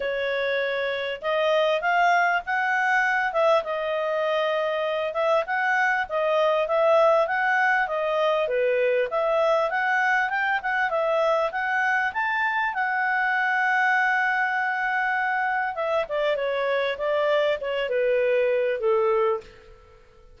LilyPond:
\new Staff \with { instrumentName = "clarinet" } { \time 4/4 \tempo 4 = 99 cis''2 dis''4 f''4 | fis''4. e''8 dis''2~ | dis''8 e''8 fis''4 dis''4 e''4 | fis''4 dis''4 b'4 e''4 |
fis''4 g''8 fis''8 e''4 fis''4 | a''4 fis''2.~ | fis''2 e''8 d''8 cis''4 | d''4 cis''8 b'4. a'4 | }